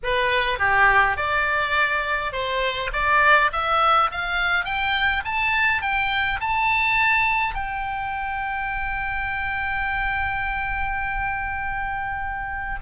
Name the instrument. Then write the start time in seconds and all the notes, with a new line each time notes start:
oboe
0.03 B4
0.58 G4
1.17 D5
2.32 C5
2.93 D5
3.52 E5
4.11 F5
4.64 G5
5.24 A5
5.81 G5
6.40 A5
7.54 G5